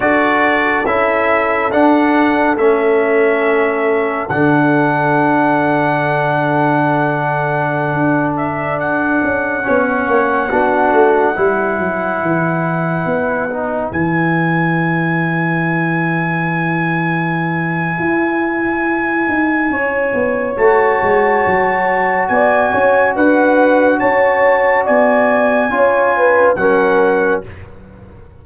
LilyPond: <<
  \new Staff \with { instrumentName = "trumpet" } { \time 4/4 \tempo 4 = 70 d''4 e''4 fis''4 e''4~ | e''4 fis''2.~ | fis''4.~ fis''16 e''8 fis''4.~ fis''16~ | fis''1~ |
fis''16 gis''2.~ gis''8.~ | gis''1 | a''2 gis''4 fis''4 | a''4 gis''2 fis''4 | }
  \new Staff \with { instrumentName = "horn" } { \time 4/4 a'1~ | a'1~ | a'2.~ a'16 cis''8.~ | cis''16 fis'4 b'2~ b'8.~ |
b'1~ | b'2. cis''4~ | cis''2 d''8 cis''8 b'4 | cis''4 d''4 cis''8 b'8 ais'4 | }
  \new Staff \with { instrumentName = "trombone" } { \time 4/4 fis'4 e'4 d'4 cis'4~ | cis'4 d'2.~ | d'2.~ d'16 cis'8.~ | cis'16 d'4 e'2~ e'8 dis'16~ |
dis'16 e'2.~ e'8.~ | e'1 | fis'1~ | fis'2 f'4 cis'4 | }
  \new Staff \with { instrumentName = "tuba" } { \time 4/4 d'4 cis'4 d'4 a4~ | a4 d2.~ | d4~ d16 d'4. cis'8 b8 ais16~ | ais16 b8 a8 g8 fis8 e4 b8.~ |
b16 e2.~ e8.~ | e4 e'4. dis'8 cis'8 b8 | a8 gis8 fis4 b8 cis'8 d'4 | cis'4 b4 cis'4 fis4 | }
>>